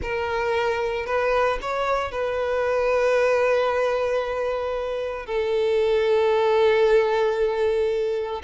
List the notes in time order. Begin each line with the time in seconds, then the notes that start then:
0.01 A#4
1.06 B4
1.61 C#5
2.11 B4
5.26 A4